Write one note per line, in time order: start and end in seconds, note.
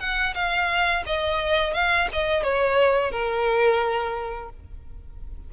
0.00 0.34 F#5
0.35 1.04 F5
1.06 1.74 D#5
1.74 2.08 F5
2.13 2.43 D#5
2.43 3.12 C#5
3.12 4.50 A#4